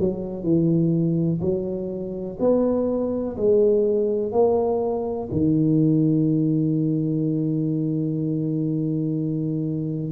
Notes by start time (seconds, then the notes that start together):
0.00 F#3
0.43 E3
1.41 F#3
2.40 B3
3.37 G#3
4.32 A#3
5.32 D#3